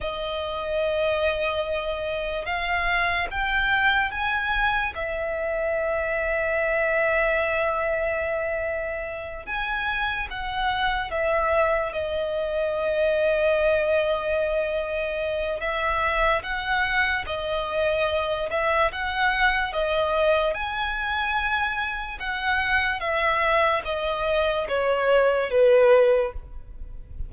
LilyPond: \new Staff \with { instrumentName = "violin" } { \time 4/4 \tempo 4 = 73 dis''2. f''4 | g''4 gis''4 e''2~ | e''2.~ e''8 gis''8~ | gis''8 fis''4 e''4 dis''4.~ |
dis''2. e''4 | fis''4 dis''4. e''8 fis''4 | dis''4 gis''2 fis''4 | e''4 dis''4 cis''4 b'4 | }